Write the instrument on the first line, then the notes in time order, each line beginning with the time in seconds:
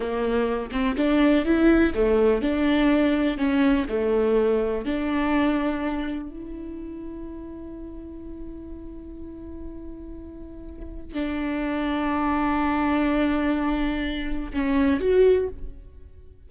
viola
0.00 A#3
0.71 C4
0.96 D4
1.45 E4
1.94 A3
2.41 D4
3.37 C#4
3.88 A3
4.85 D4
6.29 E4
11.13 D4
14.53 C#4
15.00 F#4